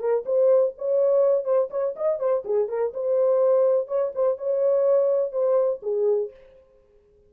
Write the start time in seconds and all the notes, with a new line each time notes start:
0.00 A#4
0.26 C5
0.78 C#5
1.45 C5
1.70 C#5
1.96 D#5
2.20 C5
2.45 G#4
2.69 A#4
2.94 C5
3.88 C#5
4.15 C5
4.37 C#5
5.32 C5
5.82 G#4